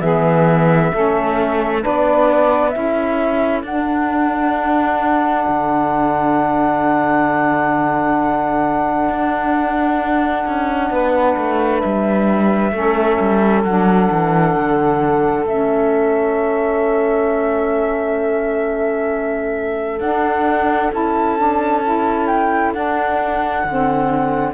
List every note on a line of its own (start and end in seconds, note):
0.00 0.91 E3
0.00 0.92 B3
0.00 0.91 G#4
0.00 1.82 E5
0.91 1.84 A3
0.91 1.80 C#4
0.91 1.82 A4
1.80 2.71 D4
1.80 2.72 B4
1.80 2.69 D5
1.86 2.75 B3
2.69 3.63 C#4
2.69 3.63 E4
2.69 10.91 A4
2.69 3.60 E5
3.63 5.45 D4
3.63 12.73 D4
3.63 11.80 F#5
5.48 9.09 D3
9.09 10.45 D4
10.47 10.90 C#4
10.90 11.36 B3
10.90 12.73 B4
11.37 11.82 A3
11.80 12.71 G3
11.80 13.61 E5
12.71 13.17 A3
12.71 13.64 C#4
12.71 24.53 A4
13.20 13.63 G3
13.63 14.09 F#3
13.63 15.45 D4
13.63 15.45 F#5
14.11 14.55 E3
14.55 15.45 D3
15.45 19.99 A3
15.45 19.99 C#4
15.45 20.00 E5
19.99 20.90 D4
19.99 20.92 D4
19.99 20.91 F#5
20.92 22.74 C#4
20.92 21.37 E4
20.92 22.27 A5
21.37 21.83 D4
21.84 22.74 E4
22.27 22.72 G5
22.73 23.64 D4
22.73 23.65 D4
22.73 24.53 F#5
23.64 24.53 D3
23.64 24.53 C4